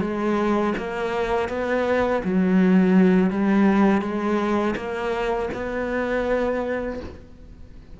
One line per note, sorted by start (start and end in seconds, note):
0.00 0.73 G#3
0.77 1.49 A#3
1.49 2.22 B3
2.24 3.30 F#3
3.30 4.01 G3
4.01 4.74 G#3
4.76 5.49 A#3
5.53 6.99 B3